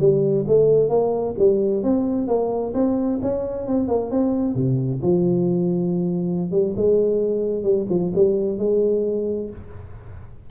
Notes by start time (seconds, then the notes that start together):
0.00 G3
0.48 A3
0.90 A#3
1.38 G3
1.84 C4
2.28 A#3
2.74 C4
3.22 C#4
3.68 C4
3.88 A#3
4.11 C4
4.55 C3
5.03 F3
6.51 G3
6.77 G#3
7.63 G3
7.90 F3
8.16 G3
8.59 G#3